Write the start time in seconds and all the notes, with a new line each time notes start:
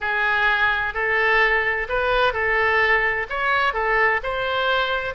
0.01 G#4
0.94 A4
1.89 B4
2.33 A4
3.29 C#5
3.73 A4
4.23 C5